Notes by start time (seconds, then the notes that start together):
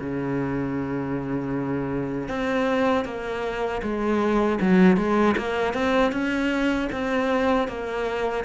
0.00 C#3
2.29 C4
3.05 A#3
3.82 G#3
4.61 F#3
4.97 G#3
5.37 A#3
5.74 C4
6.12 C#4
6.92 C4
7.68 A#3